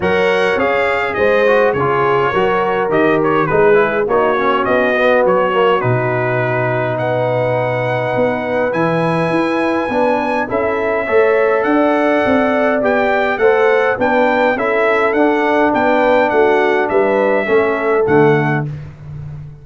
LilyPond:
<<
  \new Staff \with { instrumentName = "trumpet" } { \time 4/4 \tempo 4 = 103 fis''4 f''4 dis''4 cis''4~ | cis''4 dis''8 cis''8 b'4 cis''4 | dis''4 cis''4 b'2 | fis''2. gis''4~ |
gis''2 e''2 | fis''2 g''4 fis''4 | g''4 e''4 fis''4 g''4 | fis''4 e''2 fis''4 | }
  \new Staff \with { instrumentName = "horn" } { \time 4/4 cis''2 c''4 gis'4 | ais'2 gis'4 fis'4~ | fis'1 | b'1~ |
b'2 a'4 cis''4 | d''2. c''4 | b'4 a'2 b'4 | fis'4 b'4 a'2 | }
  \new Staff \with { instrumentName = "trombone" } { \time 4/4 ais'4 gis'4. fis'8 f'4 | fis'4 g'4 dis'8 e'8 dis'8 cis'8~ | cis'8 b4 ais8 dis'2~ | dis'2. e'4~ |
e'4 d'4 e'4 a'4~ | a'2 g'4 a'4 | d'4 e'4 d'2~ | d'2 cis'4 a4 | }
  \new Staff \with { instrumentName = "tuba" } { \time 4/4 fis4 cis'4 gis4 cis4 | fis4 dis4 gis4 ais4 | b4 fis4 b,2~ | b,2 b4 e4 |
e'4 b4 cis'4 a4 | d'4 c'4 b4 a4 | b4 cis'4 d'4 b4 | a4 g4 a4 d4 | }
>>